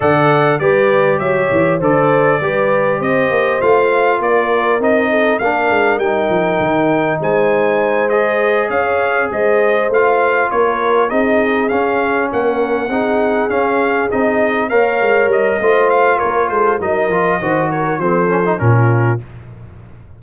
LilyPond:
<<
  \new Staff \with { instrumentName = "trumpet" } { \time 4/4 \tempo 4 = 100 fis''4 d''4 e''4 d''4~ | d''4 dis''4 f''4 d''4 | dis''4 f''4 g''2 | gis''4. dis''4 f''4 dis''8~ |
dis''8 f''4 cis''4 dis''4 f''8~ | f''8 fis''2 f''4 dis''8~ | dis''8 f''4 dis''4 f''8 cis''8 c''8 | dis''4. cis''8 c''4 ais'4 | }
  \new Staff \with { instrumentName = "horn" } { \time 4/4 d''4 b'4 cis''4 c''4 | b'4 c''2 ais'4~ | ais'8 a'8 ais'2. | c''2~ c''8 cis''4 c''8~ |
c''4. ais'4 gis'4.~ | gis'8 ais'4 gis'2~ gis'8~ | gis'8 cis''4. c''4 ais'8 a'8 | ais'4 c''8 ais'8 a'4 f'4 | }
  \new Staff \with { instrumentName = "trombone" } { \time 4/4 a'4 g'2 a'4 | g'2 f'2 | dis'4 d'4 dis'2~ | dis'4. gis'2~ gis'8~ |
gis'8 f'2 dis'4 cis'8~ | cis'4. dis'4 cis'4 dis'8~ | dis'8 ais'4. f'2 | dis'8 f'8 fis'4 c'8 cis'16 dis'16 cis'4 | }
  \new Staff \with { instrumentName = "tuba" } { \time 4/4 d4 g4 fis8 e8 d4 | g4 c'8 ais8 a4 ais4 | c'4 ais8 gis8 g8 f8 dis4 | gis2~ gis8 cis'4 gis8~ |
gis8 a4 ais4 c'4 cis'8~ | cis'8 ais4 c'4 cis'4 c'8~ | c'8 ais8 gis8 g8 a4 ais8 gis8 | fis8 f8 dis4 f4 ais,4 | }
>>